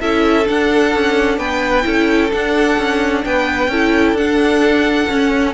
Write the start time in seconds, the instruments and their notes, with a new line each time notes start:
0.00 cello C#4, viola E4, violin A4 E5
0.44 viola D4, cello D4, violin F#5
0.95 cello C#4
1.38 cello B3, violin B4 G5
1.83 cello C#4, viola E4, violin A4
2.31 viola D4, cello D4, violin F#5
2.78 cello C#4
3.24 cello B3, violin B4 G5
3.67 cello C#4, viola E4, violin A4
4.13 cello D4, viola D4, violin F#5
5.09 cello C#4, viola C#4